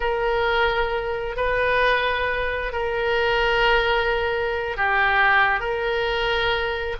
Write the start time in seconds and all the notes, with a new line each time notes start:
0.00 A#4
1.36 B4
2.72 A#4
4.76 G4
5.59 A#4